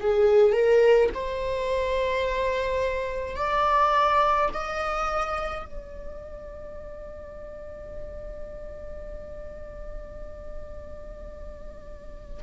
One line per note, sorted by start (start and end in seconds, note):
0.00 0.52 G#4
0.52 1.09 A#4
1.14 3.36 C5
3.36 4.49 D5
4.54 5.66 D#5
5.66 12.43 D5